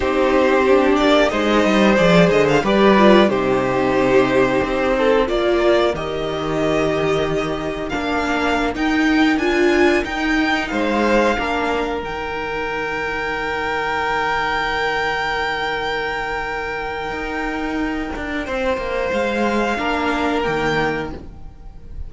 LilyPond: <<
  \new Staff \with { instrumentName = "violin" } { \time 4/4 \tempo 4 = 91 c''4. d''8 dis''4 d''8 dis''16 f''16 | d''4 c''2. | d''4 dis''2. | f''4~ f''16 g''4 gis''4 g''8.~ |
g''16 f''2 g''4.~ g''16~ | g''1~ | g''1~ | g''4 f''2 g''4 | }
  \new Staff \with { instrumentName = "violin" } { \time 4/4 g'2 c''2 | b'4 g'2~ g'8 a'8 | ais'1~ | ais'1~ |
ais'16 c''4 ais'2~ ais'8.~ | ais'1~ | ais'1 | c''2 ais'2 | }
  \new Staff \with { instrumentName = "viola" } { \time 4/4 dis'4 d'4 dis'4 gis'4 | g'8 f'8 dis'2. | f'4 g'2. | d'4~ d'16 dis'4 f'4 dis'8.~ |
dis'4~ dis'16 d'4 dis'4.~ dis'16~ | dis'1~ | dis'1~ | dis'2 d'4 ais4 | }
  \new Staff \with { instrumentName = "cello" } { \time 4/4 c'4. ais8 gis8 g8 f8 d8 | g4 c2 c'4 | ais4 dis2. | ais4~ ais16 dis'4 d'4 dis'8.~ |
dis'16 gis4 ais4 dis4.~ dis16~ | dis1~ | dis2 dis'4. d'8 | c'8 ais8 gis4 ais4 dis4 | }
>>